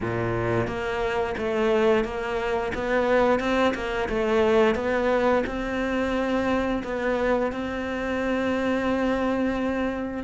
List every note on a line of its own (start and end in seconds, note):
0.00 0.67 A#2
0.67 1.35 A#3
1.37 2.04 A3
2.04 2.72 A#3
2.74 3.39 B3
3.39 3.73 C4
3.74 4.08 A#3
4.08 4.75 A3
4.75 5.43 B3
5.46 6.82 C4
6.83 7.52 B3
7.52 10.23 C4